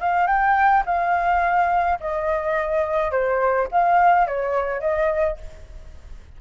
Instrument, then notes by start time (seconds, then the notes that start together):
flute
0.00 F5
0.27 G5
0.86 F5
2.00 D#5
3.11 C5
3.71 F5
4.27 C#5
4.80 D#5